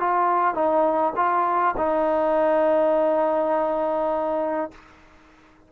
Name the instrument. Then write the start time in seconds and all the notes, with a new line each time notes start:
trombone
0.00 F4
0.55 D#4
1.17 F4
1.78 D#4